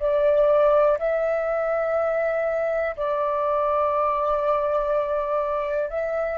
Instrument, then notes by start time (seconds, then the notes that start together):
flute
0.00 D5
0.99 E5
2.97 D5
5.90 E5